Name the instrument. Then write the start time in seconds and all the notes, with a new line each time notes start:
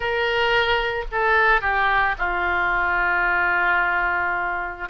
oboe
0.00 A#4
1.11 A4
1.61 G4
2.18 F4